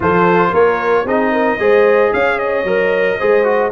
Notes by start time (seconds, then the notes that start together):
0.00 F3 F4 A4 C5
0.50 A#3 A#4 C#5
1.04 C4 D#4 G#4 D#5
1.32 A#4
1.59 G#3 G#4 C5
2.13 C#4 C#5 F5
2.38 D#5
2.63 F#3 A#4
3.18 G#3 G#4 C5
3.44 F#4